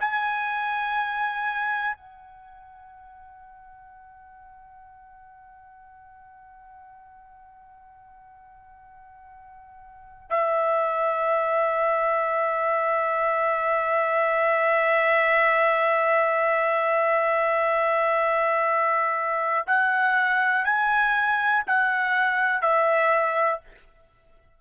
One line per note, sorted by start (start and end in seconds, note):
0.00 1.96 G#5
1.96 10.30 F#5
10.30 19.64 E5
19.66 20.65 F#5
20.65 21.63 G#5
21.67 22.61 F#5
22.61 23.60 E5